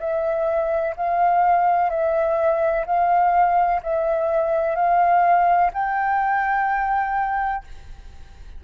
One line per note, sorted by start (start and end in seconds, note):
0.00 0.95 E5
0.97 1.90 F5
1.90 2.86 E5
2.86 3.81 F5
3.83 4.76 E5
4.76 5.71 F5
5.74 7.65 G5